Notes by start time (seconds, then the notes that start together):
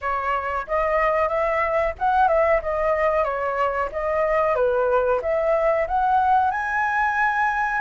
0.01 C#5
0.67 D#5
1.28 E5
1.99 F#5
2.28 E5
2.61 D#5
3.24 C#5
3.91 D#5
4.55 B4
5.21 E5
5.87 F#5
6.50 G#5